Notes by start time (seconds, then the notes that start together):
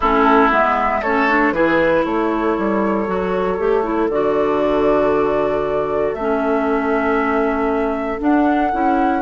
0.00 A3 C#4 E4 A4
0.50 G#3 B3 E5
1.01 A3 C#4 A4 C#5
1.28 D4
1.52 E3 E4 G#4 B4
2.04 A3 A4 C#5
2.58 G3
3.07 F#3 F#4
3.58 A3 G4
3.83 E4
4.08 D3 F#4 D5
6.14 A3 C#4 E5
8.19 D4 F#5
8.72 C#4 E4